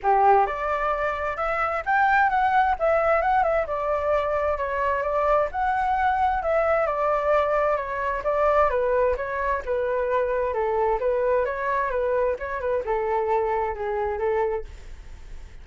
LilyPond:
\new Staff \with { instrumentName = "flute" } { \time 4/4 \tempo 4 = 131 g'4 d''2 e''4 | g''4 fis''4 e''4 fis''8 e''8 | d''2 cis''4 d''4 | fis''2 e''4 d''4~ |
d''4 cis''4 d''4 b'4 | cis''4 b'2 a'4 | b'4 cis''4 b'4 cis''8 b'8 | a'2 gis'4 a'4 | }